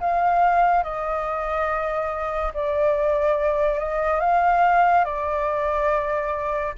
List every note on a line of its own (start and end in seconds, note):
0.00 0.83 F5
0.83 2.52 D#5
2.54 3.79 D5
3.79 4.20 D#5
4.20 5.04 F5
5.04 6.73 D5